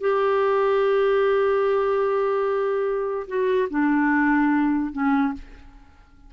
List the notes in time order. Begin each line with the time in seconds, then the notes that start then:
0.00 G4
3.27 F#4
3.70 D4
4.92 C#4